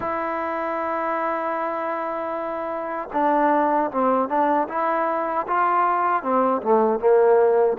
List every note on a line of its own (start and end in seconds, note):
0.00 3.08 E4
3.12 3.90 D4
3.91 4.29 C4
4.29 4.68 D4
4.68 5.46 E4
5.47 6.22 F4
6.22 6.61 C4
6.62 6.99 A3
6.99 7.77 A#3